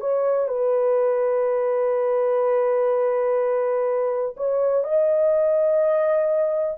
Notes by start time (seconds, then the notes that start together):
0.00 C#5
0.48 B4
4.37 C#5
4.84 D#5